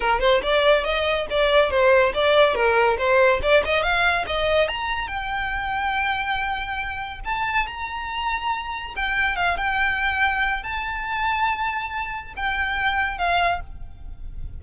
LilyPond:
\new Staff \with { instrumentName = "violin" } { \time 4/4 \tempo 4 = 141 ais'8 c''8 d''4 dis''4 d''4 | c''4 d''4 ais'4 c''4 | d''8 dis''8 f''4 dis''4 ais''4 | g''1~ |
g''4 a''4 ais''2~ | ais''4 g''4 f''8 g''4.~ | g''4 a''2.~ | a''4 g''2 f''4 | }